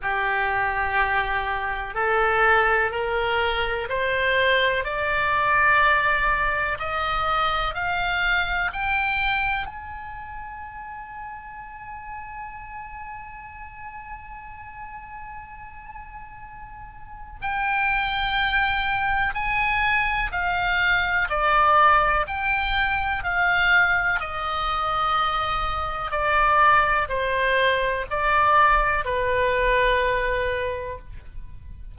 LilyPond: \new Staff \with { instrumentName = "oboe" } { \time 4/4 \tempo 4 = 62 g'2 a'4 ais'4 | c''4 d''2 dis''4 | f''4 g''4 gis''2~ | gis''1~ |
gis''2 g''2 | gis''4 f''4 d''4 g''4 | f''4 dis''2 d''4 | c''4 d''4 b'2 | }